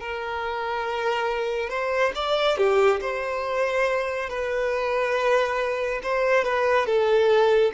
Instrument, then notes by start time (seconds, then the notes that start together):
violin
0.00 A#4
1.69 C5
2.15 D5
2.58 G4
3.01 C5
4.30 B4
6.03 C5
6.44 B4
6.86 A4